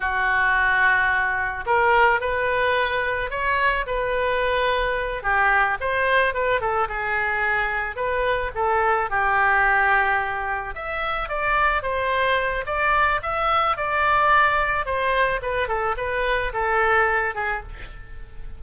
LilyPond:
\new Staff \with { instrumentName = "oboe" } { \time 4/4 \tempo 4 = 109 fis'2. ais'4 | b'2 cis''4 b'4~ | b'4. g'4 c''4 b'8 | a'8 gis'2 b'4 a'8~ |
a'8 g'2. e''8~ | e''8 d''4 c''4. d''4 | e''4 d''2 c''4 | b'8 a'8 b'4 a'4. gis'8 | }